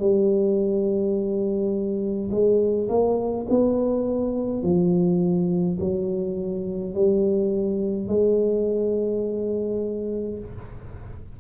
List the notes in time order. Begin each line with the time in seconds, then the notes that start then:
0.00 G3
2.31 G#3
2.89 A#3
3.50 B3
4.63 F3
5.81 F#3
6.94 G3
8.08 G#3